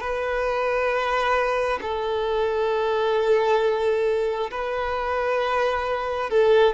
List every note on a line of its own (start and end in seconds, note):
0.00 1.79 B4
1.81 4.50 A4
4.51 6.30 B4
6.30 6.74 A4